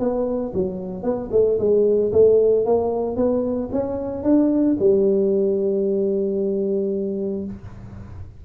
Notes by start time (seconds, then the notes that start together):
0.00 B3
0.54 F#3
1.03 B3
1.32 A3
1.59 G#3
2.13 A3
2.66 A#3
3.17 B3
3.73 C#4
4.24 D4
4.80 G3